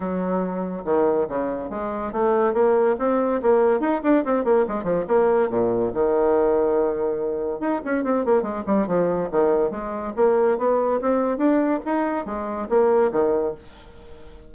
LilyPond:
\new Staff \with { instrumentName = "bassoon" } { \time 4/4 \tempo 4 = 142 fis2 dis4 cis4 | gis4 a4 ais4 c'4 | ais4 dis'8 d'8 c'8 ais8 gis8 f8 | ais4 ais,4 dis2~ |
dis2 dis'8 cis'8 c'8 ais8 | gis8 g8 f4 dis4 gis4 | ais4 b4 c'4 d'4 | dis'4 gis4 ais4 dis4 | }